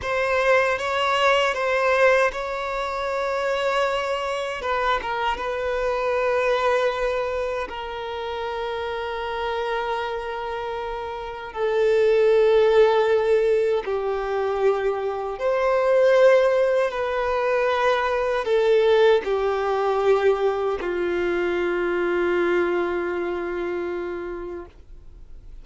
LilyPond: \new Staff \with { instrumentName = "violin" } { \time 4/4 \tempo 4 = 78 c''4 cis''4 c''4 cis''4~ | cis''2 b'8 ais'8 b'4~ | b'2 ais'2~ | ais'2. a'4~ |
a'2 g'2 | c''2 b'2 | a'4 g'2 f'4~ | f'1 | }